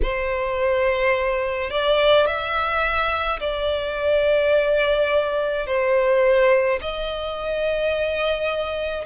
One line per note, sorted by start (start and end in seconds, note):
0.02 1.70 C5
1.70 2.26 D5
2.26 3.39 E5
3.40 5.66 D5
5.66 6.79 C5
6.81 9.05 D#5